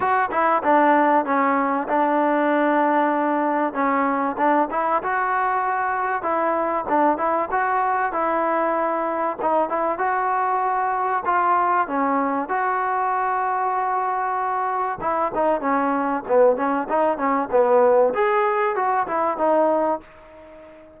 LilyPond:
\new Staff \with { instrumentName = "trombone" } { \time 4/4 \tempo 4 = 96 fis'8 e'8 d'4 cis'4 d'4~ | d'2 cis'4 d'8 e'8 | fis'2 e'4 d'8 e'8 | fis'4 e'2 dis'8 e'8 |
fis'2 f'4 cis'4 | fis'1 | e'8 dis'8 cis'4 b8 cis'8 dis'8 cis'8 | b4 gis'4 fis'8 e'8 dis'4 | }